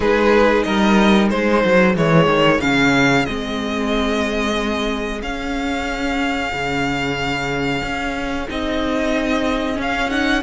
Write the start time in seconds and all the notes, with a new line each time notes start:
0.00 G#3 D#4 G#4 B4
0.63 G3 A#4 D#5
1.30 G#3 G#4 C5
1.64 F#3
1.94 E3 G#3 C#5
2.26 D#3
2.61 C#3 C#4 F5
3.25 G#3 C4 D#5
5.21 C#4 F5
6.53 C#3
7.82 C#4
8.48 C4 D#4 D#5
9.74 C#4
9.81 F5
10.10 D#4 F#5